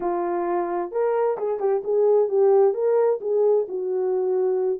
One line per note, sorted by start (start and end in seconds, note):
0.00 0.91 F4
0.91 1.37 A#4
1.37 1.59 G#4
1.59 1.82 G4
1.84 2.29 G#4
2.29 2.74 G4
2.74 3.19 A#4
3.21 3.66 G#4
3.68 4.80 F#4